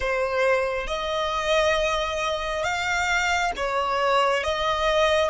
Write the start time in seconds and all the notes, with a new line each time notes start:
0.00 C5
0.87 D#5
2.63 F5
3.56 C#5
4.43 D#5